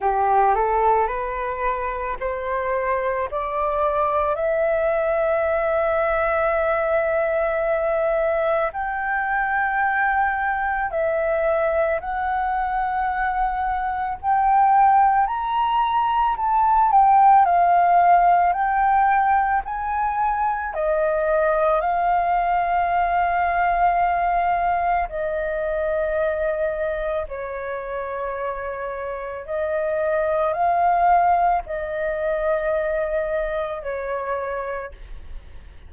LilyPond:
\new Staff \with { instrumentName = "flute" } { \time 4/4 \tempo 4 = 55 g'8 a'8 b'4 c''4 d''4 | e''1 | g''2 e''4 fis''4~ | fis''4 g''4 ais''4 a''8 g''8 |
f''4 g''4 gis''4 dis''4 | f''2. dis''4~ | dis''4 cis''2 dis''4 | f''4 dis''2 cis''4 | }